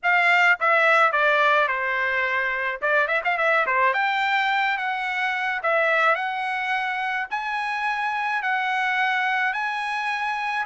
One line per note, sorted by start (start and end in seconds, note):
0.03 0.59 F5
0.60 1.12 E5
1.12 1.68 D5
1.68 2.80 C5
2.81 3.07 D5
3.07 3.21 E5
3.24 3.37 F5
3.37 3.66 E5
3.66 3.93 C5
3.93 4.77 G5
4.77 5.61 F#5
5.62 6.15 E5
6.15 7.27 F#5
7.30 8.42 G#5
8.42 9.53 F#5
9.53 10.65 G#5